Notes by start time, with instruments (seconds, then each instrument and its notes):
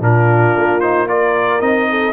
0.00 tuba A#2, trombone D4, horn F4, trumpet A#4
0.56 tuba A#3
0.80 trombone D#4, trumpet C5
1.08 trombone F4, horn A#4, trumpet D5
1.60 tuba C4, trombone D#4, trumpet D#5
1.90 horn A4